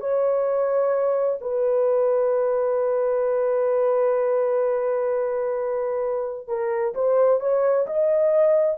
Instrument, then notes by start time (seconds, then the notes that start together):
horn
0.00 C#5
1.41 B4
6.47 A#4
6.94 C5
7.40 C#5
7.86 D#5